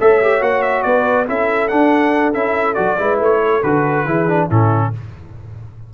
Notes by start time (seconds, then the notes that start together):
0.00 A3 A4 C#5 E5
0.22 G4
0.41 A#3 F#4 F#5
0.62 E5
0.82 B3 B4 D5
1.27 C#4 E4 A4 E5
1.68 D4 F#5
2.33 C#4 E4 E5
2.74 F#3 F#4 D5
2.98 G#3 E4 B4
3.20 A3 C#5
3.43 A4
3.63 D3 F#4 B4
4.05 E3 E4 G#4
4.28 D4
4.47 A2 C#4 E4 A4